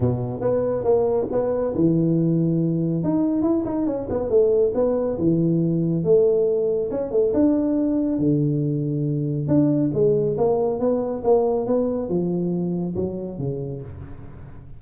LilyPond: \new Staff \with { instrumentName = "tuba" } { \time 4/4 \tempo 4 = 139 b,4 b4 ais4 b4 | e2. dis'4 | e'8 dis'8 cis'8 b8 a4 b4 | e2 a2 |
cis'8 a8 d'2 d4~ | d2 d'4 gis4 | ais4 b4 ais4 b4 | f2 fis4 cis4 | }